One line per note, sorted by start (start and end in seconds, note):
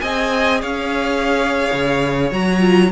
0.00 0.63 C4
0.00 2.31 G#4
0.00 0.61 D#5
0.00 0.61 G#5
0.61 1.70 C#4
0.61 2.91 C#5
0.61 2.30 F5
1.72 2.31 C#3
2.31 2.92 F#3
2.31 2.59 F#4
2.31 2.92 A#5
2.59 2.90 F4